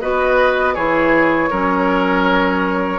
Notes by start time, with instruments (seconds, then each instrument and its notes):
0.00 bassoon B3, clarinet F#4, oboe B4, flute D#5
0.74 bassoon E3, clarinet E4, oboe G#4, flute C#5
1.50 bassoon F#3, clarinet C#4, oboe A#4